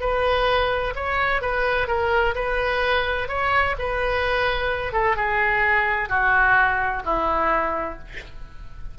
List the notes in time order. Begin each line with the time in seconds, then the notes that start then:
0.00 B4
0.95 C#5
1.41 B4
1.87 A#4
2.35 B4
3.28 C#5
3.79 B4
4.93 A4
5.16 G#4
6.09 F#4
7.05 E4